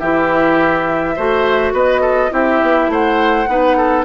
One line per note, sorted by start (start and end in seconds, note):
0.00 1.17 E3
0.00 1.17 E4
0.00 1.15 G4
0.00 1.73 E5
1.16 1.72 A3
1.16 2.30 F#4
1.16 1.73 C5
1.72 2.30 B3
1.72 2.01 B4
1.72 2.33 D#5
2.01 2.30 A4
2.30 2.61 C4
2.30 3.46 E4
2.30 2.91 G4
2.30 2.92 E5
2.62 2.88 B3
2.88 3.46 A3
2.88 3.49 C5
2.88 4.05 F#5
3.48 4.05 B3
3.48 4.05 D#4
3.48 3.77 B4
3.77 4.05 A4